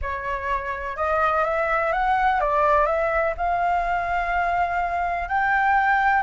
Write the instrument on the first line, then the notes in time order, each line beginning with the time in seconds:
flute
0.01 C#5
0.96 D#5
1.44 E5
1.92 F#5
2.40 D5
2.86 E5
3.37 F5
5.28 G5